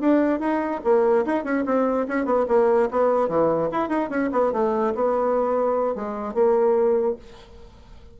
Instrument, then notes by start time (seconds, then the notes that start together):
bassoon
0.00 D4
0.39 D#4
0.84 A#3
1.25 D#4
1.44 C#4
1.65 C4
2.08 C#4
2.25 B3
2.48 A#3
2.91 B3
3.28 E3
3.71 E4
3.89 D#4
4.09 C#4
4.32 B3
4.52 A3
4.95 B3
5.95 G#3
6.34 A#3